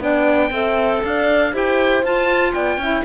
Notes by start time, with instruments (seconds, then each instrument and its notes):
0.00 cello B3, clarinet D4, horn D5, oboe G5
0.50 cello C4, clarinet A4, horn E5
1.04 cello D4, horn D5, oboe F5
1.53 cello E4, clarinet G4, horn C5, oboe G5
2.04 cello F4, clarinet F4, oboe A5
2.54 cello B3, horn D5, oboe G5
2.78 cello C#4, clarinet E4, horn E5